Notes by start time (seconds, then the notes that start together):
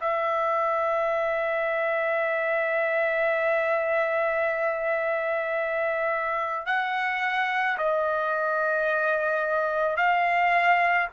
0.00 E5
6.66 F#5
7.77 D#5
9.96 F5